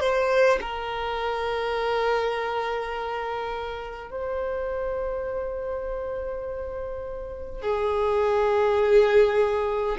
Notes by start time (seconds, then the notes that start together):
0.00 C5
0.61 A#4
4.11 C5
7.61 G#4